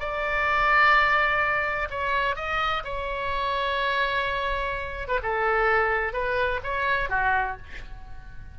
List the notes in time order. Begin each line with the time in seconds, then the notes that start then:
0.00 D5
1.91 C#5
2.36 D#5
2.85 C#5
5.08 B4
5.23 A4
6.14 B4
6.64 C#5
7.10 F#4